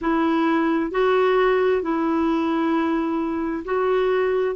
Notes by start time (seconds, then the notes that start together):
0.01 E4
0.91 F#4
1.82 E4
3.64 F#4